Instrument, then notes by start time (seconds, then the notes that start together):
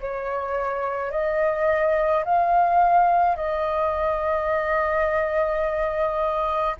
flute
0.00 C#5
1.11 D#5
2.24 F5
3.36 D#5